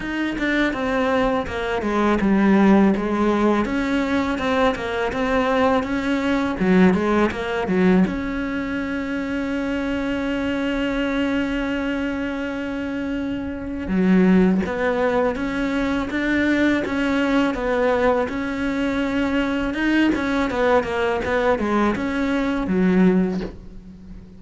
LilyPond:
\new Staff \with { instrumentName = "cello" } { \time 4/4 \tempo 4 = 82 dis'8 d'8 c'4 ais8 gis8 g4 | gis4 cis'4 c'8 ais8 c'4 | cis'4 fis8 gis8 ais8 fis8 cis'4~ | cis'1~ |
cis'2. fis4 | b4 cis'4 d'4 cis'4 | b4 cis'2 dis'8 cis'8 | b8 ais8 b8 gis8 cis'4 fis4 | }